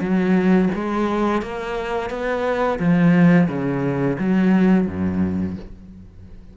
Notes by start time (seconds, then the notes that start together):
0.00 F#3
0.74 G#3
1.42 A#3
2.09 B3
2.79 F3
3.48 C#3
4.18 F#3
4.87 F#2